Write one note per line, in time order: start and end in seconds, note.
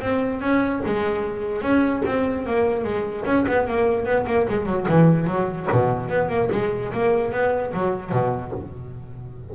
0.00 0.41 C4
0.41 0.81 C#4
0.86 1.61 G#3
1.61 2.02 C#4
2.05 2.46 C4
2.46 2.84 A#3
2.84 3.24 G#3
3.25 3.45 C#4
3.48 3.67 B3
3.67 4.05 A#3
4.05 4.25 B3
4.26 4.46 A#3
4.49 4.65 G#3
4.65 4.86 F#3
4.88 5.26 E3
5.26 5.67 F#3
5.71 6.08 B2
6.08 6.29 B3
6.29 6.49 A#3
6.52 6.92 G#3
6.93 7.32 A#3
7.32 7.72 B3
7.73 8.11 F#3
8.11 8.52 B2